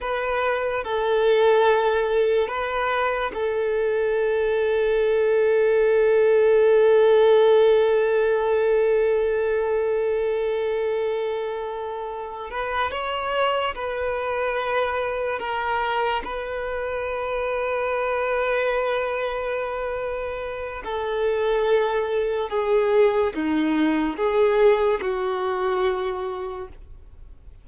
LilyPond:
\new Staff \with { instrumentName = "violin" } { \time 4/4 \tempo 4 = 72 b'4 a'2 b'4 | a'1~ | a'1~ | a'2. b'8 cis''8~ |
cis''8 b'2 ais'4 b'8~ | b'1~ | b'4 a'2 gis'4 | dis'4 gis'4 fis'2 | }